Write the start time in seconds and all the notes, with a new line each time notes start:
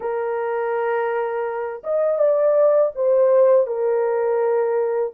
0.00 A#4
1.83 D#5
2.18 D5
2.95 C5
3.67 A#4